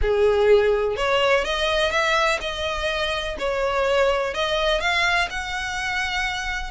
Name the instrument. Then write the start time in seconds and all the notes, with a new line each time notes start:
violin
0.01 G#4
0.96 C#5
1.44 D#5
1.91 E5
2.40 D#5
3.38 C#5
4.34 D#5
4.80 F5
5.30 F#5